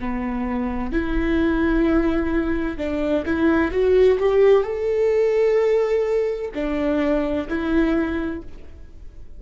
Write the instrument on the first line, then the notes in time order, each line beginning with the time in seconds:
viola
0.00 B3
0.92 E4
2.77 D4
3.26 E4
3.72 F#4
4.19 G4
4.64 A4
6.54 D4
7.49 E4